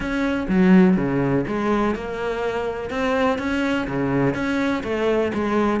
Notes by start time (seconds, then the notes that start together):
0.00 C#4
0.48 F#3
0.97 C#3
1.47 G#3
1.95 A#3
2.90 C4
3.38 C#4
3.87 C#3
4.34 C#4
4.83 A3
5.34 G#3